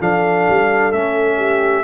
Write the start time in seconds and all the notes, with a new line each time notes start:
0.00 F3 D4 A4 F5
0.49 G3
0.93 A3 C#4 E5
1.37 G4